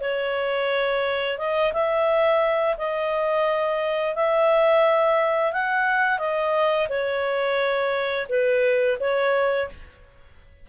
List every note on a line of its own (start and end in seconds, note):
0.00 1.38 C#5
1.38 1.72 D#5
1.73 2.76 E5
2.77 4.15 D#5
4.15 5.53 E5
5.53 6.18 F#5
6.18 6.87 D#5
6.89 8.27 C#5
8.29 8.98 B4
9.00 9.69 C#5